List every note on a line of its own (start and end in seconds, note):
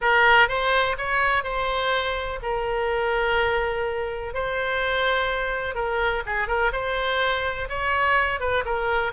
0.01 0.48 A#4
0.48 0.96 C5
0.97 1.43 C#5
1.43 2.39 C5
2.42 4.34 A#4
4.34 5.74 C5
5.74 6.22 A#4
6.26 6.47 G#4
6.47 6.71 A#4
6.72 7.68 C5
7.69 8.40 C#5
8.40 8.64 B4
8.65 9.12 A#4